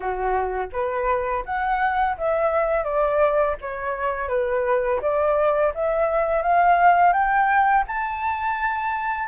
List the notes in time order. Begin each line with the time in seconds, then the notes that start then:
0.00 F#4
0.72 B4
1.45 F#5
2.17 E5
2.84 D5
3.61 C#5
4.28 B4
5.01 D5
5.74 E5
6.42 F5
7.12 G5
7.87 A5